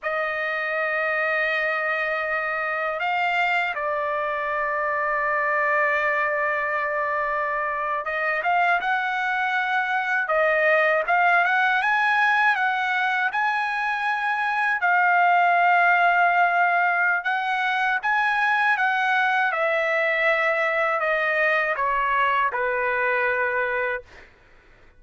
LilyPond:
\new Staff \with { instrumentName = "trumpet" } { \time 4/4 \tempo 4 = 80 dis''1 | f''4 d''2.~ | d''2~ d''8. dis''8 f''8 fis''16~ | fis''4.~ fis''16 dis''4 f''8 fis''8 gis''16~ |
gis''8. fis''4 gis''2 f''16~ | f''2. fis''4 | gis''4 fis''4 e''2 | dis''4 cis''4 b'2 | }